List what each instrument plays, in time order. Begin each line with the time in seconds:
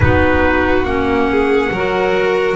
0.00 double bass B3, clarinet D#4, violin F#4, trumpet B4
0.84 double bass A#3, clarinet C#4, trumpet F#5
1.30 violin G#4
1.71 double bass F#3, clarinet F#4, violin A#4